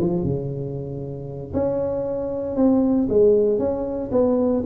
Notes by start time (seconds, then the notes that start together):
0.00 F3
0.23 C#3
1.54 C#4
2.56 C4
3.09 G#3
3.59 C#4
4.11 B3